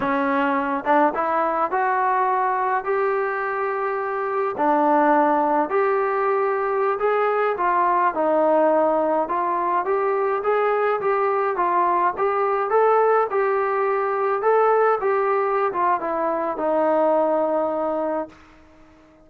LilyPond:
\new Staff \with { instrumentName = "trombone" } { \time 4/4 \tempo 4 = 105 cis'4. d'8 e'4 fis'4~ | fis'4 g'2. | d'2 g'2~ | g'16 gis'4 f'4 dis'4.~ dis'16~ |
dis'16 f'4 g'4 gis'4 g'8.~ | g'16 f'4 g'4 a'4 g'8.~ | g'4~ g'16 a'4 g'4~ g'16 f'8 | e'4 dis'2. | }